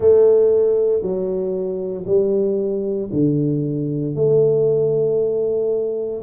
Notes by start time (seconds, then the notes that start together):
0.00 A3
1.02 F#3
2.06 G3
3.12 D3
4.15 A3